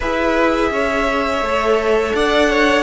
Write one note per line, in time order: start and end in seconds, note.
0.00 0.71 E4
0.00 1.44 G#4
0.00 0.69 B4
0.00 2.15 E5
0.71 1.41 C#4
0.71 2.15 C#5
1.41 2.12 A3
1.41 2.83 A4
2.14 2.83 D4
2.14 2.50 D5
2.14 2.83 F#5
2.50 2.83 C#5